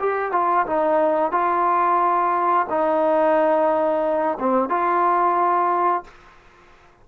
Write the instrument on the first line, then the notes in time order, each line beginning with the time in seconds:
trombone
0.00 G4
0.32 F4
0.67 D#4
1.32 F4
2.70 D#4
4.40 C4
4.69 F4